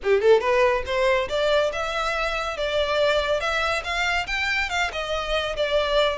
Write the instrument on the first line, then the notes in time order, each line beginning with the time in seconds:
violin
0.03 G4
0.21 A4
0.40 B4
0.85 C5
1.28 D5
1.72 E5
2.57 D5
3.40 E5
3.83 F5
4.27 G5
4.69 F5
4.92 D#5
5.56 D5